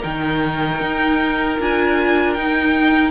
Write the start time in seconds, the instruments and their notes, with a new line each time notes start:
0.00 cello D#3, viola D#4, violin A#4 G5
0.81 cello D#4
1.59 cello D4, viola F4, violin G#5
2.34 viola D#4, cello D#4, violin G5